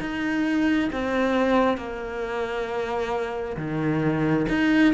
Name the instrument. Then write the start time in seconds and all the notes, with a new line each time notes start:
cello
0.00 D#4
0.92 C4
1.77 A#3
3.57 D#3
4.49 D#4